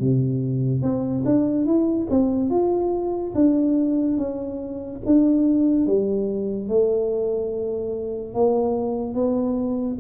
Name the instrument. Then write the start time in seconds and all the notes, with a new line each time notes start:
tuba
0.00 C3
0.82 C4
1.25 D4
1.66 E4
2.10 C4
2.50 F4
3.35 D4
4.18 C#4
5.05 D4
5.86 G3
6.69 A3
8.34 A#3
9.14 B3